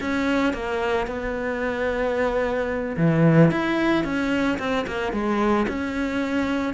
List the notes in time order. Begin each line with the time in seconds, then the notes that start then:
0.00 C#4
0.53 A#3
1.07 B3
2.97 E3
3.51 E4
4.04 C#4
4.58 C4
4.86 A#3
5.12 G#3
5.68 C#4